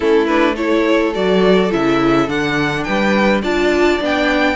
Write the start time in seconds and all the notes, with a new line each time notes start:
0.00 A3 C#4 E4 A4
0.27 D4 B4
0.55 E4 A4 C#5
1.14 F#3 F#4 D5
1.70 C#3 E4 E5
2.27 D3 D4 F#5
2.83 G3 B4 G5
3.42 D4 F4 D5 A5
4.00 B3 D4 G5